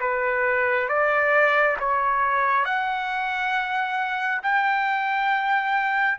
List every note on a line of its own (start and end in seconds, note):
0.00 0.88 B4
0.89 1.77 D5
1.80 2.65 C#5
2.65 4.42 F#5
4.42 6.18 G5